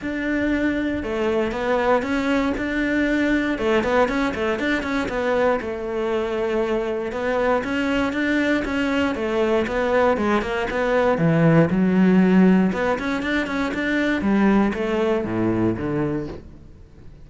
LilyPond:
\new Staff \with { instrumentName = "cello" } { \time 4/4 \tempo 4 = 118 d'2 a4 b4 | cis'4 d'2 a8 b8 | cis'8 a8 d'8 cis'8 b4 a4~ | a2 b4 cis'4 |
d'4 cis'4 a4 b4 | gis8 ais8 b4 e4 fis4~ | fis4 b8 cis'8 d'8 cis'8 d'4 | g4 a4 a,4 d4 | }